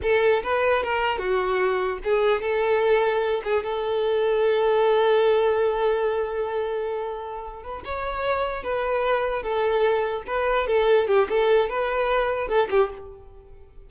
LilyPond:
\new Staff \with { instrumentName = "violin" } { \time 4/4 \tempo 4 = 149 a'4 b'4 ais'4 fis'4~ | fis'4 gis'4 a'2~ | a'8 gis'8 a'2.~ | a'1~ |
a'2. b'8 cis''8~ | cis''4. b'2 a'8~ | a'4. b'4 a'4 g'8 | a'4 b'2 a'8 g'8 | }